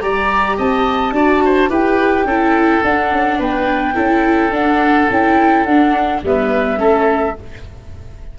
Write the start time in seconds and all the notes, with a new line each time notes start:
0.00 G3 G4 D5 A#5
0.57 C4 D#5 A5
1.12 D4 F#4 D5
1.45 C5
1.70 E4 G4 B4 G5
2.24 C#4 E4 A4
2.84 D4 F#5
3.12 C#4
3.39 B3 B4 G5
3.95 C#4 E4 A4
4.51 D4 F#5
5.10 C#4 E4 G5
5.64 D4 F#5
6.23 G3 B3 B4 E5
6.77 A3 C#4 A4